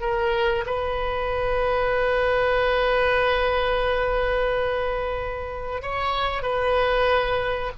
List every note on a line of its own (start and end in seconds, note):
0.00 0.65 A#4
0.66 5.82 B4
5.82 6.42 C#5
6.42 7.71 B4